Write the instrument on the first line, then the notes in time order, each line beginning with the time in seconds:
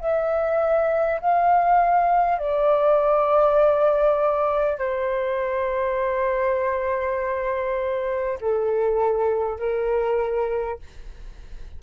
flute
0.00 E5
1.21 F5
2.38 D5
4.78 C5
8.41 A4
9.59 A#4